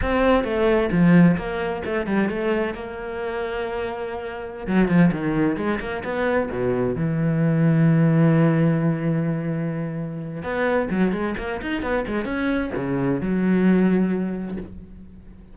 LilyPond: \new Staff \with { instrumentName = "cello" } { \time 4/4 \tempo 4 = 132 c'4 a4 f4 ais4 | a8 g8 a4 ais2~ | ais2~ ais16 fis8 f8 dis8.~ | dis16 gis8 ais8 b4 b,4 e8.~ |
e1~ | e2. b4 | fis8 gis8 ais8 dis'8 b8 gis8 cis'4 | cis4 fis2. | }